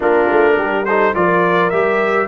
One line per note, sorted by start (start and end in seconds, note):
0.00 0.29 A#3
0.00 0.85 D4
0.00 0.55 F4
0.00 0.85 A#4
0.31 0.57 A3
0.57 1.14 G3
0.57 0.86 G4
0.85 1.15 D#4
0.85 1.15 A4
0.85 1.14 C5
1.15 1.72 F3
1.15 1.72 F4
1.15 2.28 A#4
1.15 1.70 D5
1.70 2.28 G3
1.70 2.28 G4
1.70 2.27 E5